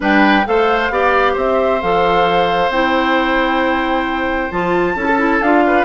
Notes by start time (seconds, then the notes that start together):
0.00 G3 D4 B4 G5
0.45 A3 A4 C5 F5
0.90 B3 G4 D5
1.33 C4 C5 E5
1.81 F3 A4 F5
2.68 C4 E4 G5
4.51 F3 F4 A5
4.95 C#4 E4 A4
5.05 A4
5.17 E4
5.41 D4 F4 F5
5.67 B4